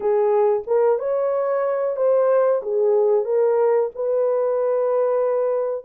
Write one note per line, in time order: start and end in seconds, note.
0.00 0.63 G#4
0.66 0.98 A#4
0.98 1.96 C#5
1.96 2.61 C5
2.62 3.24 G#4
3.24 3.90 A#4
3.95 5.85 B4